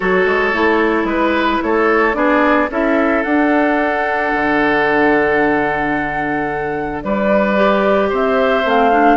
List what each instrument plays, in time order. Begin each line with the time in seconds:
0.00 bassoon F#3, clarinet F#4, oboe A4, flute C#5
0.25 bassoon G#3
0.53 bassoon A3, clarinet E4
1.04 bassoon G#3, flute B4, oboe B4
1.62 bassoon A3, oboe A4, flute C#5
2.14 bassoon B3, clarinet D4, oboe G#4, flute D5
2.70 bassoon C#4, clarinet E4, oboe A4, flute E5
3.23 bassoon D4, clarinet D4, flute F#5
4.33 bassoon D3
7.02 bassoon G3, oboe B4, flute D5
7.56 clarinet G4
8.09 bassoon C4, oboe C5, flute E5
8.64 bassoon A3, clarinet C4, flute F5
8.91 clarinet D4